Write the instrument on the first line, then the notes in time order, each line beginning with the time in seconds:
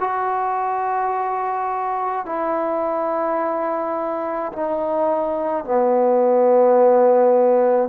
trombone
0.00 F#4
2.25 E4
4.52 D#4
5.64 B3